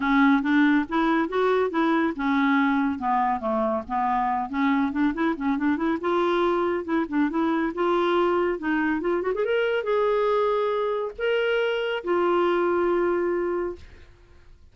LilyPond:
\new Staff \with { instrumentName = "clarinet" } { \time 4/4 \tempo 4 = 140 cis'4 d'4 e'4 fis'4 | e'4 cis'2 b4 | a4 b4. cis'4 d'8 | e'8 cis'8 d'8 e'8 f'2 |
e'8 d'8 e'4 f'2 | dis'4 f'8 fis'16 gis'16 ais'4 gis'4~ | gis'2 ais'2 | f'1 | }